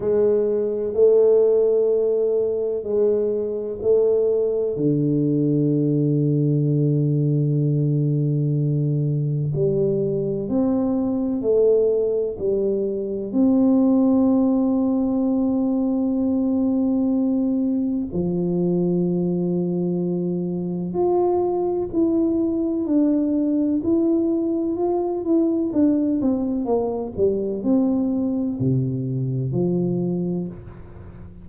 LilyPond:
\new Staff \with { instrumentName = "tuba" } { \time 4/4 \tempo 4 = 63 gis4 a2 gis4 | a4 d2.~ | d2 g4 c'4 | a4 g4 c'2~ |
c'2. f4~ | f2 f'4 e'4 | d'4 e'4 f'8 e'8 d'8 c'8 | ais8 g8 c'4 c4 f4 | }